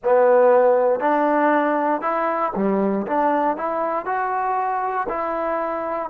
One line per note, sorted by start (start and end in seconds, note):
0.03 1.00 B3
1.00 2.01 D4
2.01 2.51 E4
2.55 3.06 G3
3.06 3.56 D4
3.56 4.05 E4
4.05 5.07 F#4
5.08 6.09 E4